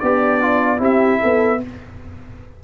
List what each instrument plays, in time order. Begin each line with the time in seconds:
0.00 tuba B3, horn D4, trombone G4, trumpet D5
0.42 trombone F4
0.78 tuba C4, trombone E4, horn G4, trumpet E5
1.21 tuba B3, horn A4